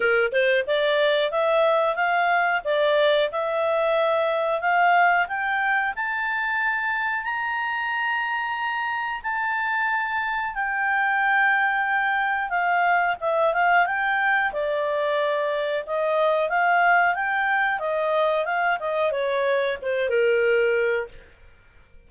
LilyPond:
\new Staff \with { instrumentName = "clarinet" } { \time 4/4 \tempo 4 = 91 ais'8 c''8 d''4 e''4 f''4 | d''4 e''2 f''4 | g''4 a''2 ais''4~ | ais''2 a''2 |
g''2. f''4 | e''8 f''8 g''4 d''2 | dis''4 f''4 g''4 dis''4 | f''8 dis''8 cis''4 c''8 ais'4. | }